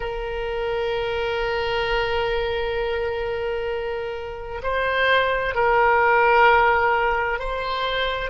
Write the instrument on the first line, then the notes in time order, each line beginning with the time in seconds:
oboe
0.00 A#4
4.62 C5
5.54 A#4
7.38 C5